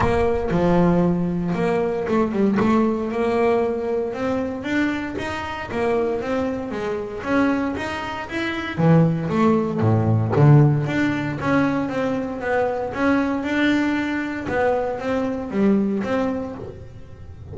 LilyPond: \new Staff \with { instrumentName = "double bass" } { \time 4/4 \tempo 4 = 116 ais4 f2 ais4 | a8 g8 a4 ais2 | c'4 d'4 dis'4 ais4 | c'4 gis4 cis'4 dis'4 |
e'4 e4 a4 a,4 | d4 d'4 cis'4 c'4 | b4 cis'4 d'2 | b4 c'4 g4 c'4 | }